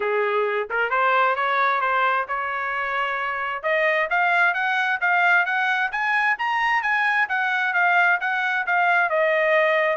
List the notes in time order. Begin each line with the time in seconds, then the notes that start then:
0.00 G#4
0.69 A#4
0.90 C5
1.35 C#5
1.81 C5
2.28 C#5
3.62 D#5
4.10 F5
4.54 F#5
5.00 F5
5.45 F#5
5.91 G#5
6.38 A#5
6.82 G#5
7.28 F#5
7.73 F5
8.20 F#5
8.66 F5
9.09 D#5